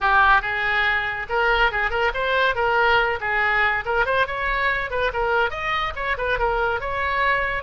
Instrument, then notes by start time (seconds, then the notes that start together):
oboe
0.00 G4
0.41 G#4
1.29 A#4
1.71 G#4
1.90 A#4
2.14 C5
2.55 A#4
3.20 G#4
3.85 A#4
4.05 C5
4.26 C#5
4.90 B4
5.13 A#4
5.50 D#5
5.95 C#5
6.17 B4
6.38 A#4
6.80 C#5